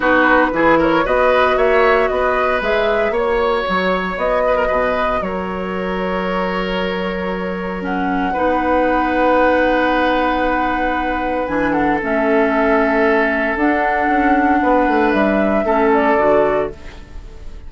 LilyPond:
<<
  \new Staff \with { instrumentName = "flute" } { \time 4/4 \tempo 4 = 115 b'4. cis''8 dis''4 e''4 | dis''4 e''4 cis''2 | dis''2 cis''2~ | cis''2. fis''4~ |
fis''1~ | fis''2 gis''8 fis''8 e''4~ | e''2 fis''2~ | fis''4 e''4. d''4. | }
  \new Staff \with { instrumentName = "oboe" } { \time 4/4 fis'4 gis'8 ais'8 b'4 cis''4 | b'2 cis''2~ | cis''8 b'16 ais'16 b'4 ais'2~ | ais'1 |
b'1~ | b'2~ b'8 a'4.~ | a'1 | b'2 a'2 | }
  \new Staff \with { instrumentName = "clarinet" } { \time 4/4 dis'4 e'4 fis'2~ | fis'4 gis'4 fis'2~ | fis'1~ | fis'2. cis'4 |
dis'1~ | dis'2 d'4 cis'4~ | cis'2 d'2~ | d'2 cis'4 fis'4 | }
  \new Staff \with { instrumentName = "bassoon" } { \time 4/4 b4 e4 b4 ais4 | b4 gis4 ais4 fis4 | b4 b,4 fis2~ | fis1 |
b1~ | b2 e4 a4~ | a2 d'4 cis'4 | b8 a8 g4 a4 d4 | }
>>